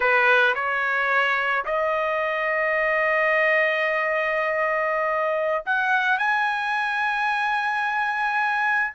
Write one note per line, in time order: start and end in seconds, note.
0.00 0.54 B4
0.55 1.65 C#5
1.65 5.64 D#5
5.65 6.18 F#5
6.18 8.93 G#5